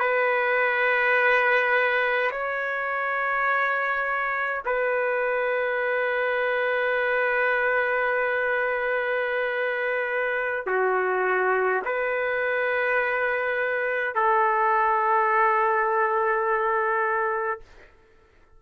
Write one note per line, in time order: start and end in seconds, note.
0.00 2.31 B4
2.31 4.62 C#5
4.66 10.67 B4
10.67 11.83 F#4
11.85 14.16 B4
14.16 17.62 A4